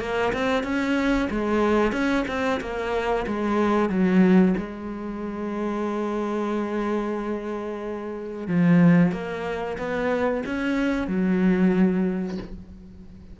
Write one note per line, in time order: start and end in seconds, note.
0.00 0.33 A#3
0.33 0.64 C4
0.64 1.29 C#4
1.30 1.92 G#3
1.92 2.25 C#4
2.28 2.61 C4
2.61 3.26 A#3
3.27 3.90 G#3
3.90 4.55 F#3
4.57 8.48 G#3
8.48 9.12 F3
9.12 9.77 A#3
9.78 10.43 B3
10.46 11.08 C#4
11.08 12.38 F#3